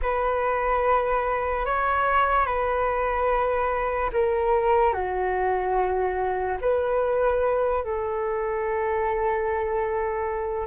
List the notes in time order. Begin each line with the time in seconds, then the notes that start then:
0.01 B4
1.65 C#5
2.45 B4
4.12 A#4
4.93 F#4
6.61 B4
7.83 A4